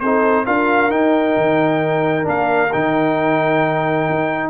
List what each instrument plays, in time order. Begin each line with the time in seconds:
0.00 tuba C4, trombone D#4, horn A4, trumpet C5
0.45 tuba D4, trombone F4, horn A#4, trumpet F5
0.90 trombone D#4, tuba D#4, trumpet G5
1.37 tuba D#3
2.23 tuba A#3, trombone D4, trumpet F5
2.73 tuba D#3, trombone D#4, trumpet G5
4.09 tuba D#4